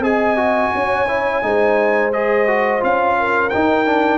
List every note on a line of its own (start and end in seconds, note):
0.00 0.70 C4
0.00 0.37 G#4
0.00 0.73 D#5
0.00 2.13 G#5
0.37 1.07 F#4
0.74 1.43 C#4
0.74 1.44 C#5
1.08 1.42 E4
1.42 2.82 G#3
1.42 2.12 D#4
1.42 3.19 C5
2.13 2.48 G#4
2.13 2.82 D#5
2.48 2.80 F#4
2.80 3.53 C#4
2.80 3.50 F4
2.80 3.50 F5
3.19 4.18 A#4
3.50 3.86 D#4
3.50 4.18 D#4
3.50 4.18 G5
3.86 4.18 D4